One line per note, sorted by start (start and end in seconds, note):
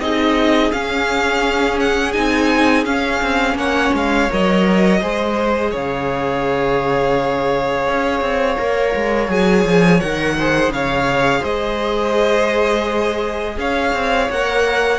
0.00 0.71 C4
0.00 0.72 D#4
0.00 3.58 G#4
0.00 0.72 D#5
0.72 2.15 C#4
0.72 2.16 C#4
0.72 1.79 F5
1.81 2.13 F#5
2.13 2.86 C4
2.13 2.86 D#4
2.13 2.84 G#5
2.86 3.22 C#4
2.86 4.30 C#4
2.86 3.57 F5
3.23 3.55 C4
3.55 3.90 A#3
3.55 5.01 C#5
3.55 3.95 F#5
3.94 4.29 G#3
3.94 4.33 F5
4.30 5.03 F#3
4.30 5.02 A#4
4.30 5.76 D#5
5.01 5.74 G#3
5.01 8.59 G#4
5.01 5.72 C5
5.72 7.88 C#3
5.72 10.36 C#5
5.72 9.32 F5
7.88 8.21 C#4
8.21 8.57 C4
8.59 8.95 A#3
8.59 9.29 A#4
8.96 9.29 G#3
9.29 9.65 F#3
9.29 10.00 G#4
9.29 10.01 G#5
9.65 10.01 F3
10.01 10.69 D#3
10.01 10.38 A#4
10.01 10.72 F#5
10.39 14.33 G#4
10.39 10.74 C5
10.69 11.41 C#3
10.69 11.41 C#5
10.69 11.44 F5
11.41 13.58 G#3
11.41 13.55 C5
11.41 13.59 D#5
13.58 13.93 C#4
13.58 15.00 C#5
13.58 14.31 F5
13.93 14.29 C4
14.31 15.00 A#3
14.31 15.00 A#4
14.31 15.00 F#5